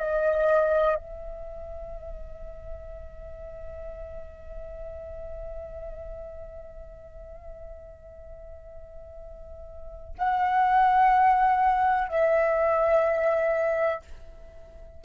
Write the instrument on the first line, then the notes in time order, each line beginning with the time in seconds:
flute
0.00 D#5
0.96 E5
10.19 F#5
12.09 E5